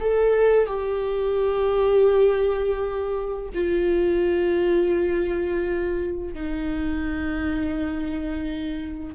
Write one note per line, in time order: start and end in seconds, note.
0.00 0.67 A4
0.67 3.49 G4
3.54 6.34 F4
6.34 9.15 D#4